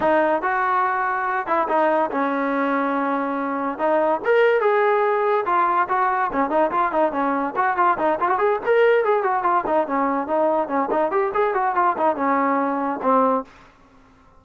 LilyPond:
\new Staff \with { instrumentName = "trombone" } { \time 4/4 \tempo 4 = 143 dis'4 fis'2~ fis'8 e'8 | dis'4 cis'2.~ | cis'4 dis'4 ais'4 gis'4~ | gis'4 f'4 fis'4 cis'8 dis'8 |
f'8 dis'8 cis'4 fis'8 f'8 dis'8 f'16 fis'16 | gis'8 ais'4 gis'8 fis'8 f'8 dis'8 cis'8~ | cis'8 dis'4 cis'8 dis'8 g'8 gis'8 fis'8 | f'8 dis'8 cis'2 c'4 | }